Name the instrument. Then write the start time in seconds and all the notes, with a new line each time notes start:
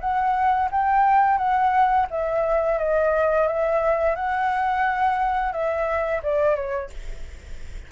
flute
0.00 F#5
0.71 G5
1.37 F#5
2.10 E5
2.78 D#5
3.47 E5
4.15 F#5
5.52 E5
6.23 D5
6.55 C#5